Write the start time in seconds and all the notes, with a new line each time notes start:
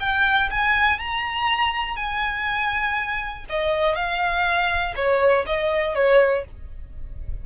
0.00 G5
0.50 G#5
0.99 A#5
1.96 G#5
3.49 D#5
3.95 F5
4.96 C#5
5.46 D#5
5.95 C#5